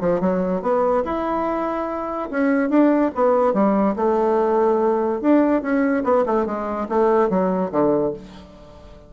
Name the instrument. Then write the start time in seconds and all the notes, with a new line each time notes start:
bassoon
0.00 F3
0.20 F#3
0.61 B3
1.04 E4
2.30 C#4
2.69 D4
3.15 B3
3.53 G3
3.96 A3
5.21 D4
5.62 C#4
6.04 B3
6.26 A3
6.46 G#3
6.88 A3
7.29 F#3
7.71 D3